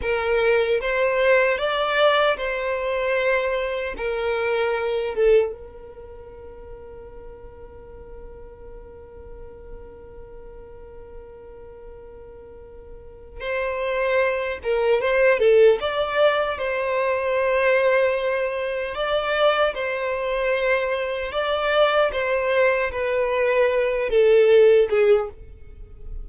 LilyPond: \new Staff \with { instrumentName = "violin" } { \time 4/4 \tempo 4 = 76 ais'4 c''4 d''4 c''4~ | c''4 ais'4. a'8 ais'4~ | ais'1~ | ais'1~ |
ais'4 c''4. ais'8 c''8 a'8 | d''4 c''2. | d''4 c''2 d''4 | c''4 b'4. a'4 gis'8 | }